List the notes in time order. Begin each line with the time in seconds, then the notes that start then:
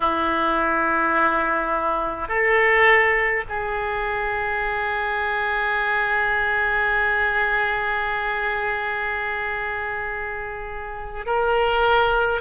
0.00 E4
2.28 A4
3.49 G#4
11.26 A#4